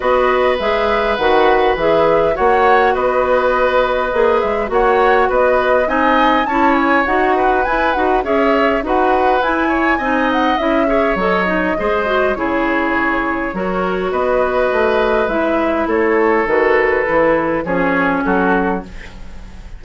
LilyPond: <<
  \new Staff \with { instrumentName = "flute" } { \time 4/4 \tempo 4 = 102 dis''4 e''4 fis''4 e''4 | fis''4 dis''2~ dis''8 e''8 | fis''4 dis''4 gis''4 a''8 gis''8 | fis''4 gis''8 fis''8 e''4 fis''4 |
gis''4. fis''8 e''4 dis''4~ | dis''4 cis''2. | dis''2 e''4 cis''4 | b'2 cis''4 a'4 | }
  \new Staff \with { instrumentName = "oboe" } { \time 4/4 b'1 | cis''4 b'2. | cis''4 b'4 dis''4 cis''4~ | cis''8 b'4. cis''4 b'4~ |
b'8 cis''8 dis''4. cis''4. | c''4 gis'2 ais'4 | b'2. a'4~ | a'2 gis'4 fis'4 | }
  \new Staff \with { instrumentName = "clarinet" } { \time 4/4 fis'4 gis'4 fis'4 gis'4 | fis'2. gis'4 | fis'2 dis'4 e'4 | fis'4 e'8 fis'8 gis'4 fis'4 |
e'4 dis'4 e'8 gis'8 a'8 dis'8 | gis'8 fis'8 e'2 fis'4~ | fis'2 e'2 | fis'4 e'4 cis'2 | }
  \new Staff \with { instrumentName = "bassoon" } { \time 4/4 b4 gis4 dis4 e4 | ais4 b2 ais8 gis8 | ais4 b4 c'4 cis'4 | dis'4 e'8 dis'8 cis'4 dis'4 |
e'4 c'4 cis'4 fis4 | gis4 cis2 fis4 | b4 a4 gis4 a4 | dis4 e4 f4 fis4 | }
>>